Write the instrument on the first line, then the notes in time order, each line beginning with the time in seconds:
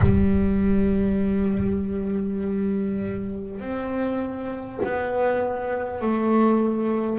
double bass
0.00 G3
3.59 C4
4.83 B3
6.01 A3